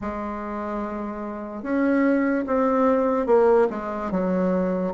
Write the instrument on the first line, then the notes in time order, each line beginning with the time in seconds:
bassoon
0.01 G#3
1.62 C#4
2.46 C4
3.26 A#3
3.69 G#3
4.11 F#3